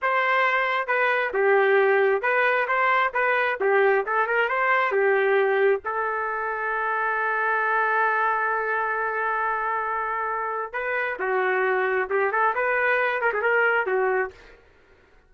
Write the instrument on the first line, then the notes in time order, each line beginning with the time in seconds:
trumpet
0.02 C5
0.87 B4
1.33 G4
2.22 B4
2.67 C5
3.13 B4
3.60 G4
4.05 A4
4.26 A#4
4.48 C5
4.91 G4
5.84 A4
10.73 B4
11.19 F#4
12.09 G4
12.32 A4
12.54 B4
13.21 A#4
13.33 G#4
13.42 A#4
13.86 F#4